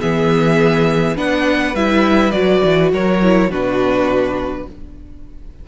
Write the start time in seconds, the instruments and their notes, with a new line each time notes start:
0.00 cello E3, viola B3, violin G#4 E5
1.16 cello B3, viola D4, violin B4 F#5
1.74 cello G3, viola E4, violin E5
2.31 cello F#3, viola F#4, violin D5
2.64 cello E3
2.92 cello F#3, violin A#4 C#5
3.22 viola E4
3.49 cello B2, viola D4, violin F#4 B4